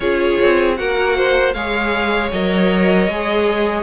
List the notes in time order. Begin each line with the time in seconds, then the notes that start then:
0.00 C#4 F4 G#4 C#5
0.42 C4
0.76 A#3 F#4 A#4 F#5
1.16 C5
1.53 G#3 G#4 C#5 F5
2.31 F#3 A#4 D#5
3.08 G#3 G#4